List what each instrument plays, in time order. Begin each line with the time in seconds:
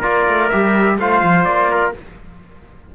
0.00 cello A#3, trombone F4, trumpet A#4 D5
0.27 cello A3
0.49 cello G3, trombone G4, trumpet E5
0.98 cello A3, trombone F4, trumpet C5 F5
1.23 cello F3
1.44 cello A#3, trumpet D5
1.71 trumpet A#4